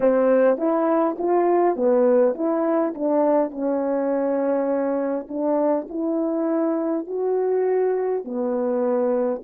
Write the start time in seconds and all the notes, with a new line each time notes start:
0.00 C4
0.57 E4
1.18 F4
1.76 B3
2.34 E4
2.94 D4
3.50 C#4
5.28 D4
5.89 E4
7.06 F#4
8.24 B3